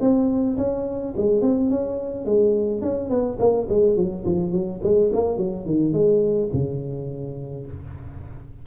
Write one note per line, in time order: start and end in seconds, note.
0.00 0.57 C4
0.57 1.13 C#4
1.16 1.41 G#3
1.41 1.70 C4
1.70 2.25 C#4
2.25 2.81 G#3
2.81 3.09 C#4
3.09 3.37 B3
3.39 3.67 A#3
3.69 3.96 G#3
3.96 4.24 F#3
4.25 4.52 F3
4.52 4.80 F#3
4.83 5.11 G#3
5.13 5.37 A#3
5.37 5.65 F#3
5.65 5.93 D#3
5.93 6.49 G#3
6.53 7.66 C#3